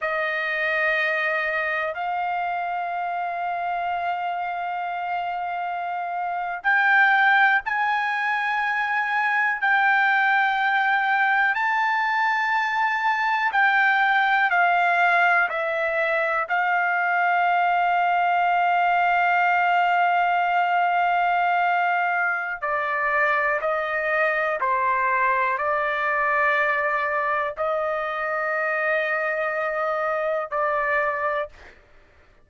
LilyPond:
\new Staff \with { instrumentName = "trumpet" } { \time 4/4 \tempo 4 = 61 dis''2 f''2~ | f''2~ f''8. g''4 gis''16~ | gis''4.~ gis''16 g''2 a''16~ | a''4.~ a''16 g''4 f''4 e''16~ |
e''8. f''2.~ f''16~ | f''2. d''4 | dis''4 c''4 d''2 | dis''2. d''4 | }